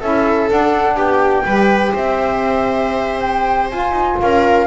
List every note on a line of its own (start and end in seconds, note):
0.00 0.50 C#4
0.00 0.49 E4
0.00 0.95 A4
0.00 0.49 E5
0.49 1.45 D4
0.49 0.96 D4
0.49 0.98 F#5
0.96 1.44 B3
0.96 1.44 G4
0.96 1.94 G5
1.45 1.93 G3
1.45 3.71 G4
1.45 1.92 B4
1.92 3.72 C4
1.92 4.18 C5
1.92 3.20 E5
3.20 3.68 G5
3.70 4.66 F4
3.70 3.92 F4
3.70 4.18 G#5
3.92 4.15 D#4
4.20 4.67 C#4
4.20 4.67 A#4
4.20 4.67 F5